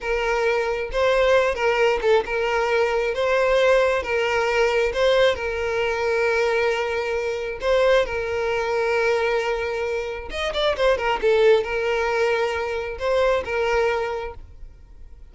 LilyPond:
\new Staff \with { instrumentName = "violin" } { \time 4/4 \tempo 4 = 134 ais'2 c''4. ais'8~ | ais'8 a'8 ais'2 c''4~ | c''4 ais'2 c''4 | ais'1~ |
ais'4 c''4 ais'2~ | ais'2. dis''8 d''8 | c''8 ais'8 a'4 ais'2~ | ais'4 c''4 ais'2 | }